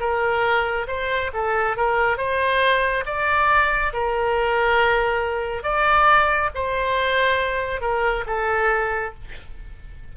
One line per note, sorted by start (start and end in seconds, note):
0.00 0.87 A#4
0.88 1.31 C5
1.34 1.77 A4
1.77 2.17 A#4
2.17 3.04 C5
3.06 3.93 D5
3.93 5.63 A#4
5.63 6.50 D5
6.55 7.81 C5
7.81 8.25 A#4
8.27 9.14 A4